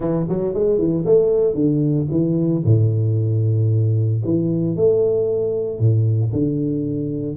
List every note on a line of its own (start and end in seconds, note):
0.00 0.26 E3
0.28 0.54 F#3
0.54 0.78 G#3
0.78 1.04 E3
1.05 1.54 A3
1.54 2.06 D3
2.11 2.63 E3
2.64 4.22 A2
4.24 4.76 E3
4.76 5.79 A3
5.79 6.31 A2
6.32 7.36 D3